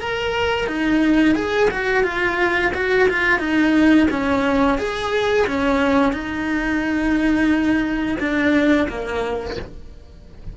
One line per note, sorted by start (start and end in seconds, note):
0.00 0.67 A#4
0.67 1.35 D#4
1.35 1.69 G#4
1.71 2.03 F#4
2.03 2.71 F4
2.74 3.08 F#4
3.09 3.39 F4
3.39 4.07 D#4
4.10 4.78 C#4
4.78 5.46 G#4
5.47 6.13 C#4
6.13 8.17 D#4
8.20 8.88 D4
8.89 9.57 A#3